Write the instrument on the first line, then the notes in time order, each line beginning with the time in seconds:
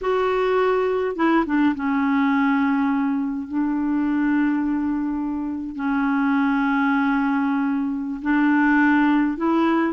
clarinet
0.01 F#4
1.16 E4
1.46 D4
1.75 C#4
3.48 D4
5.75 C#4
8.22 D4
9.37 E4